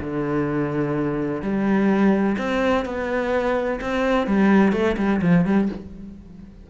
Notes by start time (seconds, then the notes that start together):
0.00 D3
1.41 G3
2.38 C4
2.85 B3
3.80 C4
4.26 G3
4.72 A3
4.97 G3
5.21 F3
5.45 G3